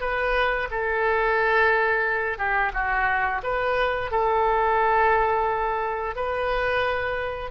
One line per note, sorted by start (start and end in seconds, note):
0.00 0.68 B4
0.71 2.38 A4
2.38 2.72 G4
2.73 3.42 F#4
3.43 4.11 B4
4.11 6.15 A4
6.15 7.51 B4